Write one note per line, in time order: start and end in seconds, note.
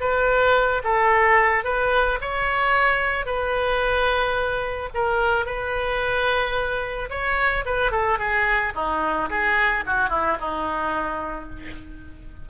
0.00 0.82 B4
0.84 1.64 A4
1.64 2.19 B4
2.21 3.26 C#5
3.26 4.89 B4
4.94 5.45 A#4
5.45 7.09 B4
7.10 7.64 C#5
7.65 7.91 B4
7.91 8.18 A4
8.18 8.73 G#4
8.75 9.29 D#4
9.30 9.84 G#4
9.86 10.09 F#4
10.09 10.37 E4
10.40 11.49 D#4